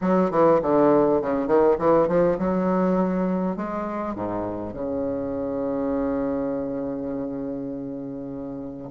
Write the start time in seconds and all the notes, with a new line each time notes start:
0.01 F#3
0.30 E3
0.62 D3
1.21 C#3
1.47 D#3
1.78 E3
2.08 F3
2.38 F#3
3.56 G#3
4.15 G#2
4.73 C#3